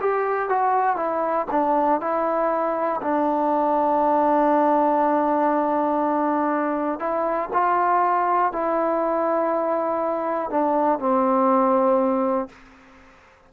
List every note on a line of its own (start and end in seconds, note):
0.00 0.49 G4
0.49 0.96 F#4
0.96 1.46 E4
1.51 2.00 D4
2.00 3.00 E4
3.02 7.00 D4
7.00 7.50 E4
7.53 8.52 F4
8.52 10.50 E4
10.50 10.99 D4
10.99 12.49 C4